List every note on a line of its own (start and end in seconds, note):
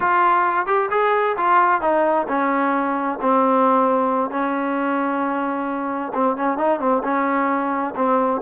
0.00 0.66 F4
0.66 0.89 G4
0.90 1.36 G#4
1.37 1.81 F4
1.81 2.26 D#4
2.27 3.18 C#4
3.21 4.30 C4
4.30 6.12 C#4
6.14 6.36 C4
6.36 6.57 C#4
6.57 6.79 D#4
6.79 7.02 C4
7.03 7.94 C#4
7.95 8.41 C4